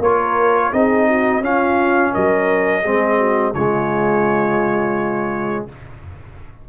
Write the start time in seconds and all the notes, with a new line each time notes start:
0.00 A#3 F4 A#4 C#5
0.73 C4 D#4 G#4 D#5
1.08 F#4
1.41 C#4 F4 F5
2.13 F#3 A#4 D#5
2.82 G#3 C4 G#4
3.18 F#4
3.54 C#3 G#3 F4 C#5